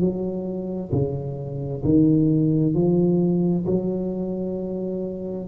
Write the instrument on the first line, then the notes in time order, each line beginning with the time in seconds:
tuba
0.00 F#3
0.92 C#3
1.84 D#3
2.74 F3
3.66 F#3